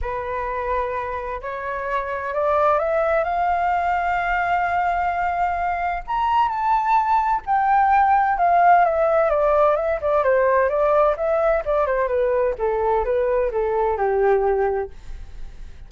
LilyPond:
\new Staff \with { instrumentName = "flute" } { \time 4/4 \tempo 4 = 129 b'2. cis''4~ | cis''4 d''4 e''4 f''4~ | f''1~ | f''4 ais''4 a''2 |
g''2 f''4 e''4 | d''4 e''8 d''8 c''4 d''4 | e''4 d''8 c''8 b'4 a'4 | b'4 a'4 g'2 | }